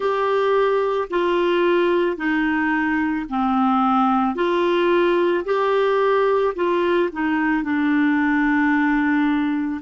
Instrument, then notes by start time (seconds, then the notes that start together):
clarinet
0.00 G4
1.10 F4
2.17 D#4
3.29 C4
4.35 F4
5.44 G4
6.55 F4
7.12 D#4
7.63 D4